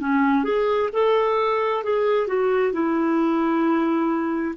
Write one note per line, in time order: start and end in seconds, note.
0.00 0.44 C#4
0.44 0.89 G#4
0.93 1.83 A4
1.83 2.27 G#4
2.27 2.73 F#4
2.73 4.55 E4